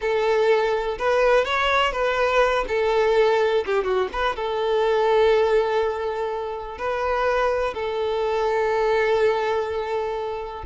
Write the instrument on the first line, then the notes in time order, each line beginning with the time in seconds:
violin
0.01 A4
0.98 B4
1.45 C#5
1.92 B4
2.67 A4
3.65 G4
3.84 F#4
4.12 B4
4.36 A4
6.77 B4
7.74 A4